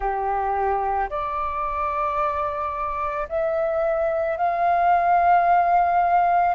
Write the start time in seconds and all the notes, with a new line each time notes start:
0.00 G4
1.09 D5
3.28 E5
4.37 F5